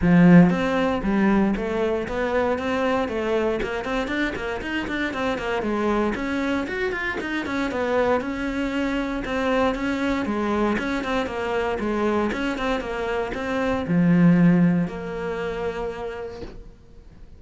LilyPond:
\new Staff \with { instrumentName = "cello" } { \time 4/4 \tempo 4 = 117 f4 c'4 g4 a4 | b4 c'4 a4 ais8 c'8 | d'8 ais8 dis'8 d'8 c'8 ais8 gis4 | cis'4 fis'8 f'8 dis'8 cis'8 b4 |
cis'2 c'4 cis'4 | gis4 cis'8 c'8 ais4 gis4 | cis'8 c'8 ais4 c'4 f4~ | f4 ais2. | }